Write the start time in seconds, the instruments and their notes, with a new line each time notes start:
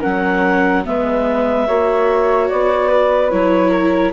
0.00 bassoon F#3, viola C#4, flute A#4, clarinet F#5
0.85 bassoon G#3, viola B3, flute B4, clarinet E5
1.67 bassoon A#3, viola F#4, flute C#5
2.49 bassoon B3, clarinet D5
2.88 flute B4
3.30 bassoon F#3, viola E4, clarinet C#5
3.70 flute A#4